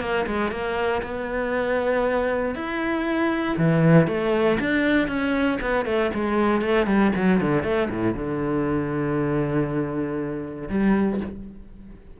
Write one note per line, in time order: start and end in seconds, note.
0.00 0.25 A#3
0.27 0.51 G#3
0.51 1.01 A#3
1.02 2.55 B3
2.55 3.56 E4
3.57 4.07 E3
4.07 4.58 A3
4.59 5.08 D4
5.08 5.58 C#4
5.61 5.85 B3
5.85 6.11 A3
6.14 6.61 G#3
6.61 6.86 A3
6.86 7.12 G3
7.15 7.40 F#3
7.40 7.63 D3
7.63 7.88 A3
7.90 8.14 A2
8.14 10.69 D3
10.69 11.20 G3